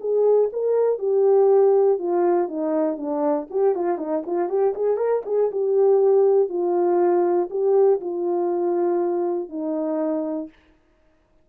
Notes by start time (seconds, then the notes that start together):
0.00 G#4
0.52 A#4
0.98 G4
1.98 F4
2.48 D#4
2.97 D4
3.50 G4
3.75 F4
3.97 D#4
4.26 F4
4.49 G4
4.75 G#4
4.97 A#4
5.25 G#4
5.51 G4
6.49 F4
7.50 G4
8.00 F4
9.49 D#4